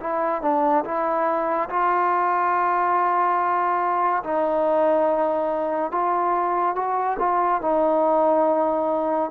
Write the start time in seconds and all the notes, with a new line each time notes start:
0.00 E4
0.42 D4
0.85 E4
1.69 F4
4.23 D#4
5.92 F4
6.75 F#4
7.19 F4
7.61 D#4